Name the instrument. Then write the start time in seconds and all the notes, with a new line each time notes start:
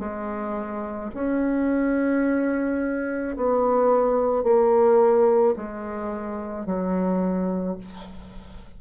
bassoon
0.00 G#3
1.15 C#4
3.36 B3
4.43 A#3
5.57 G#3
6.66 F#3